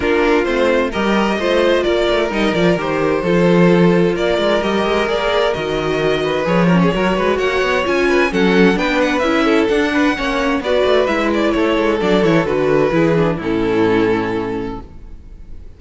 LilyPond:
<<
  \new Staff \with { instrumentName = "violin" } { \time 4/4 \tempo 4 = 130 ais'4 c''4 dis''2 | d''4 dis''8 d''8 c''2~ | c''4 d''4 dis''4 d''4 | dis''2 cis''2 |
fis''4 gis''4 fis''4 g''8 fis''8 | e''4 fis''2 d''4 | e''8 d''8 cis''4 d''8 cis''8 b'4~ | b'4 a'2. | }
  \new Staff \with { instrumentName = "violin" } { \time 4/4 f'2 ais'4 c''4 | ais'2. a'4~ | a'4 ais'2.~ | ais'4. b'4 ais'16 gis'16 ais'8 b'8 |
cis''4. b'8 a'4 b'4~ | b'8 a'4 b'8 cis''4 b'4~ | b'4 a'2. | gis'4 e'2. | }
  \new Staff \with { instrumentName = "viola" } { \time 4/4 d'4 c'4 g'4 f'4~ | f'4 dis'8 f'8 g'4 f'4~ | f'2 g'4 gis'4 | fis'2 gis'8 cis'8 fis'4~ |
fis'4 f'4 cis'4 d'4 | e'4 d'4 cis'4 fis'4 | e'2 d'8 e'8 fis'4 | e'8 d'8 cis'2. | }
  \new Staff \with { instrumentName = "cello" } { \time 4/4 ais4 a4 g4 a4 | ais8 a8 g8 f8 dis4 f4~ | f4 ais8 gis8 g8 gis8 ais4 | dis2 f4 fis8 gis8 |
ais8 b8 cis'4 fis4 b4 | cis'4 d'4 ais4 b8 a8 | gis4 a8 gis8 fis8 e8 d4 | e4 a,2. | }
>>